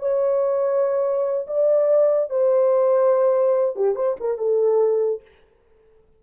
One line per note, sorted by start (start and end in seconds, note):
0.00 1.47 C#5
1.48 2.30 D5
2.30 3.76 C5
3.76 3.96 G4
3.96 4.17 C5
4.21 4.38 A#4
4.38 5.22 A4